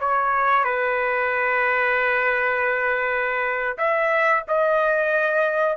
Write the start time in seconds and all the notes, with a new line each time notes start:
0.00 C#5
0.64 B4
3.77 E5
4.47 D#5